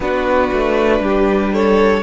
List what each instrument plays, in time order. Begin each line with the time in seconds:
0.00 cello B3, viola D4, violin F#4 B4
0.52 cello A3
0.99 cello G3, violin G4
1.53 violin A4 C#5